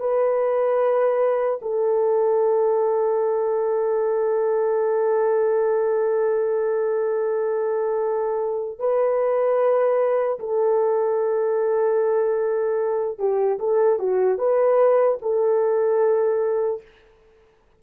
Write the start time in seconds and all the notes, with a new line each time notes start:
0.00 B4
1.62 A4
8.79 B4
10.40 A4
13.19 G4
13.59 A4
13.99 F#4
14.38 B4
15.22 A4